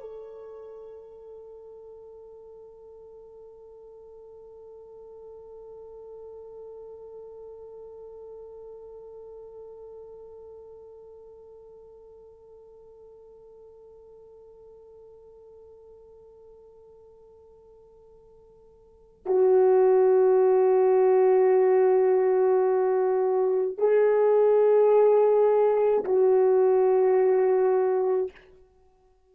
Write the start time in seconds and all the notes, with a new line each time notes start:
0.00 A4
19.26 F#4
23.77 G#4
26.04 F#4